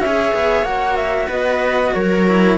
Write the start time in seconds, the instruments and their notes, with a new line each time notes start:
0.00 cello C#4 G#4, viola C#5, flute E5
0.34 cello B3
0.62 cello A#3 F#4, flute F#5
0.96 flute E5
1.27 cello B3, viola B4, flute D#5
1.93 cello F#3, viola A#4, flute C#5
2.28 cello E4